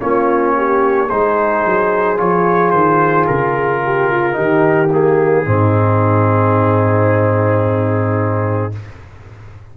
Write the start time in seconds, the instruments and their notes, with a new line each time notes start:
0.00 tuba A#3, trombone C#4, horn F4, trumpet C#5
0.57 horn G4
1.08 tuba G#3, trombone D#4, horn G#4, trumpet C5
1.66 tuba F#3
2.17 tuba F3, trombone F4, trumpet C#5
2.71 tuba D#3, trumpet C5
3.26 tuba C#3, trumpet A#4
3.85 horn G4
4.11 horn F4
4.32 tuba D#3, trombone D#4, horn G4
4.92 trombone A#3, trumpet G#4
5.45 tuba G#2, trombone C4, horn D#4